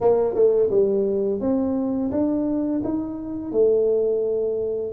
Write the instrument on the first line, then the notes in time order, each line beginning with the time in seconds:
tuba
0.01 A#3
0.34 A3
0.70 G3
1.40 C4
2.11 D4
2.84 D#4
3.52 A3